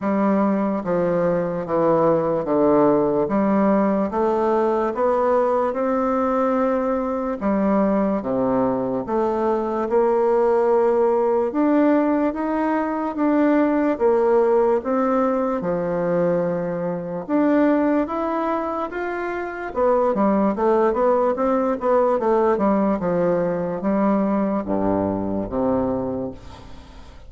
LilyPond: \new Staff \with { instrumentName = "bassoon" } { \time 4/4 \tempo 4 = 73 g4 f4 e4 d4 | g4 a4 b4 c'4~ | c'4 g4 c4 a4 | ais2 d'4 dis'4 |
d'4 ais4 c'4 f4~ | f4 d'4 e'4 f'4 | b8 g8 a8 b8 c'8 b8 a8 g8 | f4 g4 g,4 c4 | }